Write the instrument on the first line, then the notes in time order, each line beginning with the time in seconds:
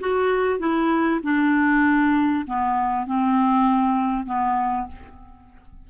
clarinet
0.00 F#4
0.59 E4
1.23 D4
2.46 B3
3.06 C4
4.26 B3